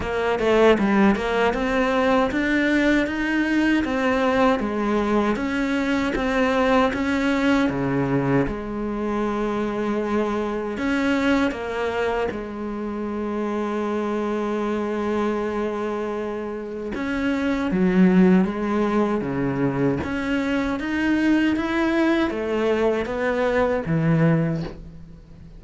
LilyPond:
\new Staff \with { instrumentName = "cello" } { \time 4/4 \tempo 4 = 78 ais8 a8 g8 ais8 c'4 d'4 | dis'4 c'4 gis4 cis'4 | c'4 cis'4 cis4 gis4~ | gis2 cis'4 ais4 |
gis1~ | gis2 cis'4 fis4 | gis4 cis4 cis'4 dis'4 | e'4 a4 b4 e4 | }